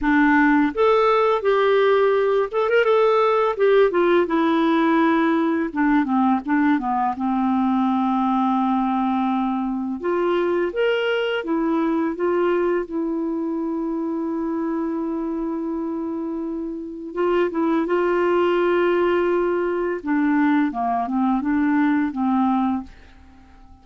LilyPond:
\new Staff \with { instrumentName = "clarinet" } { \time 4/4 \tempo 4 = 84 d'4 a'4 g'4. a'16 ais'16 | a'4 g'8 f'8 e'2 | d'8 c'8 d'8 b8 c'2~ | c'2 f'4 ais'4 |
e'4 f'4 e'2~ | e'1 | f'8 e'8 f'2. | d'4 ais8 c'8 d'4 c'4 | }